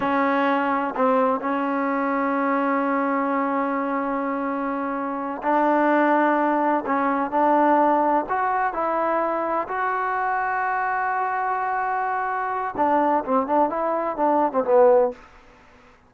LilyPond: \new Staff \with { instrumentName = "trombone" } { \time 4/4 \tempo 4 = 127 cis'2 c'4 cis'4~ | cis'1~ | cis'2.~ cis'8 d'8~ | d'2~ d'8 cis'4 d'8~ |
d'4. fis'4 e'4.~ | e'8 fis'2.~ fis'8~ | fis'2. d'4 | c'8 d'8 e'4 d'8. c'16 b4 | }